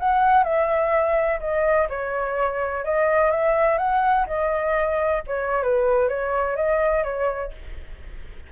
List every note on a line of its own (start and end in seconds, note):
0.00 0.44 F#5
0.44 1.40 E5
1.41 1.89 D#5
1.90 2.85 C#5
2.85 3.32 D#5
3.32 3.79 E5
3.79 4.27 F#5
4.27 5.23 D#5
5.28 5.63 C#5
5.63 6.09 B4
6.09 6.57 C#5
6.57 7.04 D#5
7.04 7.52 C#5